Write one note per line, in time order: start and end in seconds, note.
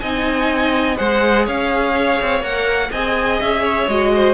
0.00 1.00 C4
0.00 0.97 D#4
0.00 0.98 D#5
0.00 0.97 G#5
0.97 1.48 G#3
0.97 2.42 G#4
0.97 1.45 C5
0.97 1.46 F#5
1.45 2.21 C#4
1.45 2.91 C#5
1.45 2.44 F5
2.22 2.42 C4
2.42 2.90 A#3
2.42 2.91 A#4
2.42 2.92 F#5
2.91 3.41 C4
2.91 3.91 G#4
2.91 3.63 D#5
2.91 3.41 G#5
3.41 3.88 C#4
3.41 3.89 E5
3.63 4.11 C#5
3.88 4.34 G#3
3.88 4.34 F#4
3.88 4.34 D#5
4.15 4.34 C5